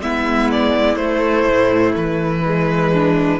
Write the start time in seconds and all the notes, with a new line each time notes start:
0.00 G#3 B3 E4 E5
0.51 D5
0.95 A3 C5
1.46 A2
1.96 E3 B4
2.45 G#3
2.91 D4